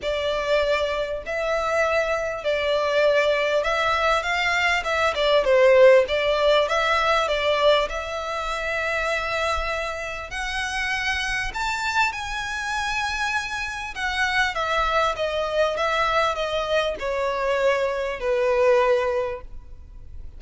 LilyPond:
\new Staff \with { instrumentName = "violin" } { \time 4/4 \tempo 4 = 99 d''2 e''2 | d''2 e''4 f''4 | e''8 d''8 c''4 d''4 e''4 | d''4 e''2.~ |
e''4 fis''2 a''4 | gis''2. fis''4 | e''4 dis''4 e''4 dis''4 | cis''2 b'2 | }